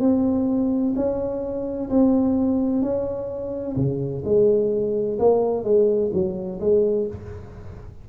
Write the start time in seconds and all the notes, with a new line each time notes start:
0.00 C4
0.96 C#4
1.90 C4
2.83 C#4
3.77 C#3
4.25 G#3
5.19 A#3
5.64 G#3
6.13 F#3
6.61 G#3